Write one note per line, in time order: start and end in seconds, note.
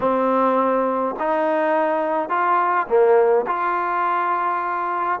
0.00 1.15 C4
1.19 2.29 D#4
2.29 2.86 F4
2.88 3.45 A#3
3.46 5.19 F4